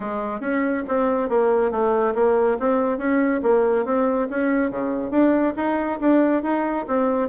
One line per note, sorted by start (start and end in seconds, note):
0.00 0.40 G#3
0.40 0.83 C#4
0.88 1.29 C4
1.29 1.71 A#3
1.71 2.14 A3
2.14 2.57 A#3
2.59 2.97 C4
2.97 3.40 C#4
3.42 3.85 A#3
3.85 4.28 C4
4.30 4.70 C#4
4.70 5.10 C#3
5.10 5.53 D4
5.56 5.99 D#4
6.00 6.42 D4
6.42 6.85 D#4
6.87 7.29 C4